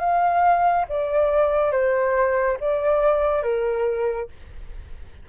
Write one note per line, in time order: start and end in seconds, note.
0.00 0.86 F5
0.89 1.72 D5
1.72 2.58 C5
2.60 3.43 D5
3.43 4.29 A#4